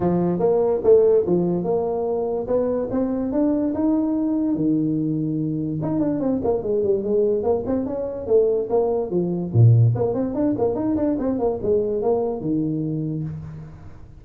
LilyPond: \new Staff \with { instrumentName = "tuba" } { \time 4/4 \tempo 4 = 145 f4 ais4 a4 f4 | ais2 b4 c'4 | d'4 dis'2 dis4~ | dis2 dis'8 d'8 c'8 ais8 |
gis8 g8 gis4 ais8 c'8 cis'4 | a4 ais4 f4 ais,4 | ais8 c'8 d'8 ais8 dis'8 d'8 c'8 ais8 | gis4 ais4 dis2 | }